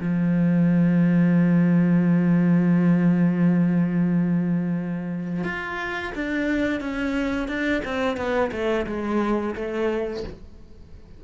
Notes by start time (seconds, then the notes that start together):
0.00 F3
5.44 F4
6.15 D4
6.80 C#4
7.48 D4
7.85 C4
8.17 B3
8.52 A3
8.86 G#3
9.55 A3